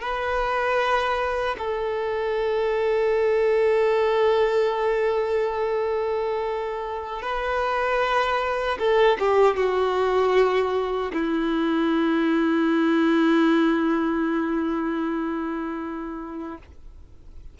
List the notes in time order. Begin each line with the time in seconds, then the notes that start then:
0.00 B4
1.58 A4
7.22 B4
8.78 A4
9.19 G4
9.56 F#4
11.12 E4